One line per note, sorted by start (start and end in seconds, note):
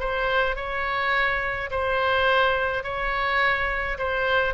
0.00 0.56 C5
0.56 1.71 C#5
1.71 2.84 C5
2.84 3.98 C#5
3.98 4.54 C5